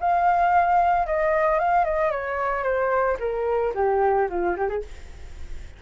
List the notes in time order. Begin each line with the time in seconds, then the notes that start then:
0.00 F5
1.06 D#5
1.59 F5
1.85 D#5
2.11 C#5
2.63 C5
3.19 A#4
3.74 G4
4.29 F4
4.57 G4
4.69 G#4